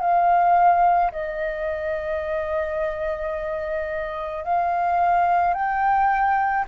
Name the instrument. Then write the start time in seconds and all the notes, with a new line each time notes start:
flute
0.00 F5
1.12 D#5
4.44 F5
5.54 G5